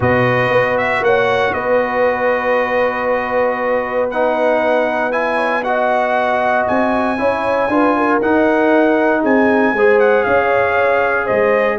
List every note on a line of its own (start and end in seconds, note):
0.00 0.50 B2
0.00 4.10 F#4
0.00 1.02 B4
0.00 0.77 D#5
0.50 1.01 B3
0.77 1.03 E5
1.01 1.52 A#3
1.01 1.54 C#5
1.01 1.53 F#5
1.53 6.66 B3
1.53 5.35 B4
1.53 4.09 D#5
4.10 5.11 D#4
4.10 5.11 F#5
5.11 5.62 E4
5.11 5.63 G#5
5.35 5.60 C#5
5.63 7.17 F#4
5.63 7.19 D#5
5.63 6.66 F#5
6.67 7.18 C4
6.67 8.21 G#5
7.17 7.68 C#4
7.17 7.69 E4
7.17 7.71 C#5
7.68 8.19 D4
7.68 8.21 F4
7.68 7.96 B4
7.96 9.21 A#4
8.21 9.23 D#4
8.21 9.75 D#4
8.21 9.24 F#5
9.21 9.72 C4
9.21 9.72 G#4
9.21 9.99 G#5
9.72 10.23 G#3
9.72 11.78 G#4
9.72 10.26 C5
9.99 10.23 F#5
10.23 11.29 C#4
10.23 11.25 C#5
10.23 11.26 F5
11.25 11.78 G#3
11.25 11.76 C5
11.25 11.77 D#5